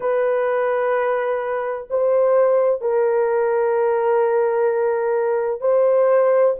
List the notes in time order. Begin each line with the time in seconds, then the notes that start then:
0.00 B4
1.90 C5
2.81 A#4
5.60 C5